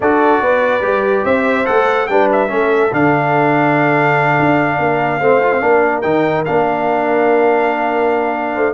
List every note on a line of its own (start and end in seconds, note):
0.00 0.40 D4
0.00 0.81 F#4
0.00 0.42 A4
0.00 1.25 D5
0.40 0.81 B3
0.40 1.25 B4
0.81 1.23 G3
0.81 1.64 G4
1.24 1.66 C4
1.24 2.08 C5
1.24 1.65 E5
1.65 2.08 A3
1.65 2.07 A4
1.65 2.07 F#5
2.07 2.50 G3
2.07 2.48 D4
2.07 2.49 B4
2.07 2.28 G5
2.32 2.93 E5
2.48 2.92 A3
2.48 2.90 C#4
2.48 4.78 A4
2.92 4.38 D3
2.92 5.20 D4
2.92 6.01 F5
4.39 4.78 D4
4.78 5.20 A#3
4.78 5.19 A#4
5.19 5.61 A3
5.19 5.41 C4
5.19 5.61 C5
5.42 5.52 F4
5.52 5.61 C4
5.61 6.04 A#3
5.61 6.02 D4
5.61 8.53 A#4
6.01 6.45 D#3
6.01 6.45 D#4
6.01 6.43 G5
6.45 8.56 A#3
6.45 8.73 D4
6.45 8.73 F5
8.53 8.73 A3
8.53 8.73 C5